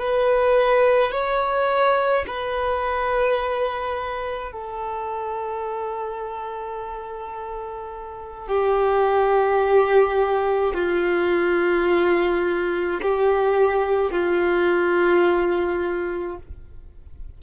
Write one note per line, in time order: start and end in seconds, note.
0.00 1.12 B4
1.12 2.25 C#5
2.27 4.53 B4
4.53 8.48 A4
8.48 10.74 G4
10.74 13.01 F4
13.02 14.11 G4
14.11 16.38 F4